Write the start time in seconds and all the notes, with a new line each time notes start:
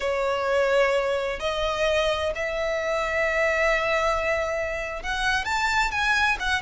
0.00 C#5
1.39 D#5
2.35 E5
5.02 F#5
5.45 A5
5.91 G#5
6.39 F#5